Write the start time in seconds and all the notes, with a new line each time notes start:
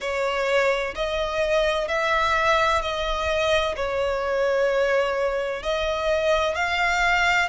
0.00 C#5
0.95 D#5
1.87 E5
2.81 D#5
3.76 C#5
5.62 D#5
6.55 F5